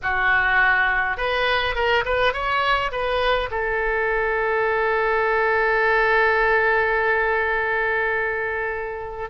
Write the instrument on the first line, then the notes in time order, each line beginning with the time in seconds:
oboe
0.02 F#4
1.17 B4
1.75 A#4
2.05 B4
2.33 C#5
2.91 B4
3.50 A4